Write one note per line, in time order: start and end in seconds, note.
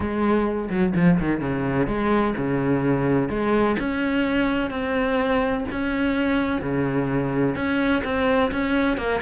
0.00 0.69 G#3
0.70 0.93 F#3
0.95 1.19 F3
1.19 1.40 D#3
1.40 1.87 C#3
1.87 2.34 G#3
2.37 3.29 C#3
3.29 3.76 G#3
3.79 4.70 C#4
4.70 5.65 C4
5.71 6.61 C#4
6.61 7.55 C#3
7.55 8.03 C#4
8.04 8.51 C4
8.51 8.97 C#4
8.97 9.20 A#3